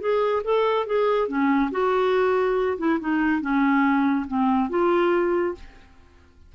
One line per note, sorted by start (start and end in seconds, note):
0.00 0.43 G#4
0.44 0.86 A4
0.86 1.28 G#4
1.28 1.71 C#4
1.71 2.78 F#4
2.78 2.99 E4
3.00 3.41 D#4
3.41 4.26 C#4
4.27 4.70 C4
4.70 5.55 F4